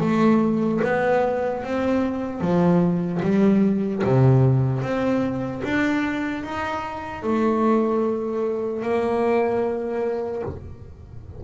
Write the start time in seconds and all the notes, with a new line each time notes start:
0.00 A3
0.84 B3
1.63 C4
2.40 F3
3.22 G3
4.04 C3
4.82 C4
5.64 D4
6.44 D#4
7.23 A3
8.82 A#3